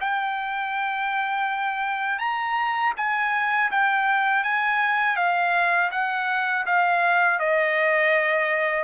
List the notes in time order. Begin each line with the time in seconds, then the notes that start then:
0.00 G5
2.19 A#5
2.96 G#5
3.71 G5
4.43 G#5
5.16 F5
5.91 F#5
6.65 F5
7.39 D#5